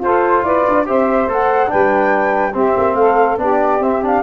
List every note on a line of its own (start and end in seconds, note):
0.00 0.42 F4
0.00 0.86 F4
0.00 0.45 A4
0.00 0.44 C5
0.43 0.64 E4
0.43 0.87 B4
0.43 0.86 D5
0.68 0.89 D4
0.86 1.28 C4
0.86 1.28 G4
0.86 1.71 C5
0.86 1.31 E5
1.28 1.70 A3
1.28 1.68 A4
1.28 1.70 F#5
1.68 2.52 D4
1.68 2.53 B4
1.68 2.55 G5
1.74 2.54 G3
2.53 3.38 C4
2.53 2.76 C4
2.53 2.96 G4
2.53 2.95 E5
2.77 2.95 A#3
2.95 3.37 A3
2.95 3.41 A4
2.95 3.37 F5
3.38 3.80 B3
3.38 3.80 D4
3.38 4.23 G4
3.38 3.83 D5
3.80 4.22 C4
3.80 4.03 C4
3.80 4.04 E5
4.03 4.23 D4
4.03 4.23 F5